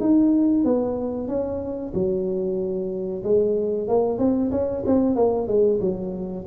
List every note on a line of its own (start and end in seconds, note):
0.00 0.65 D#4
0.65 1.28 B3
1.28 1.93 C#4
1.94 3.23 F#3
3.24 3.88 G#3
3.88 4.19 A#3
4.19 4.51 C4
4.52 4.84 C#4
4.86 5.16 C4
5.16 5.48 A#3
5.48 5.80 G#3
5.81 6.45 F#3